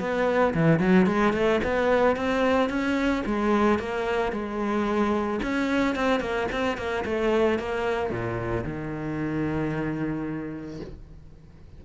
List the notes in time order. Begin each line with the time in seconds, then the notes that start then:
0.00 B3
0.54 E3
0.79 F#3
1.06 G#3
1.33 A3
1.64 B3
2.16 C4
2.69 C#4
3.26 G#3
3.79 A#3
4.32 G#3
5.43 C#4
5.95 C4
6.20 A#3
6.52 C4
6.77 A#3
7.05 A3
7.59 A#3
8.10 A#2
8.64 D#3